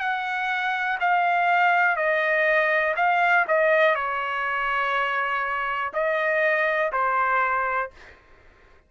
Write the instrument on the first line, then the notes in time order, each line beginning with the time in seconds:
trumpet
0.00 F#5
1.01 F5
1.96 D#5
2.96 F5
3.48 D#5
3.95 C#5
5.93 D#5
6.93 C5